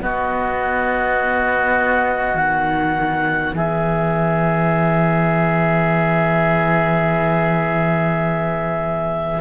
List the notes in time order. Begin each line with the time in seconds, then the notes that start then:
0.00 B3 F#4 D#5
2.34 D#3 F#5
3.54 E3 G#4 E5